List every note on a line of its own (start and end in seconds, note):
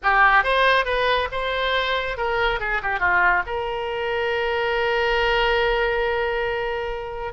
0.03 0.43 G4
0.43 0.85 C5
0.85 1.28 B4
1.31 2.17 C5
2.17 2.60 A#4
2.60 2.81 G#4
2.82 2.99 G4
2.99 3.42 F4
3.46 7.33 A#4